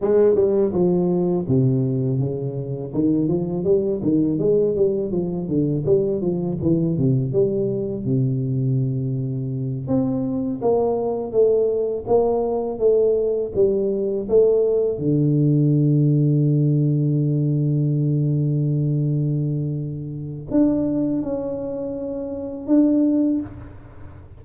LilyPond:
\new Staff \with { instrumentName = "tuba" } { \time 4/4 \tempo 4 = 82 gis8 g8 f4 c4 cis4 | dis8 f8 g8 dis8 gis8 g8 f8 d8 | g8 f8 e8 c8 g4 c4~ | c4. c'4 ais4 a8~ |
a8 ais4 a4 g4 a8~ | a8 d2.~ d8~ | d1 | d'4 cis'2 d'4 | }